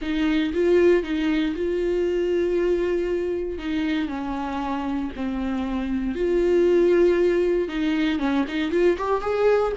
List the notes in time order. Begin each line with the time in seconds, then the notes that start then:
0.01 D#4
0.53 F4
1.03 D#4
1.55 F4
3.58 D#4
4.08 C#4
5.15 C4
6.15 F4
7.68 D#4
8.19 C#4
8.48 D#4
8.71 F4
8.97 G4
9.21 G#4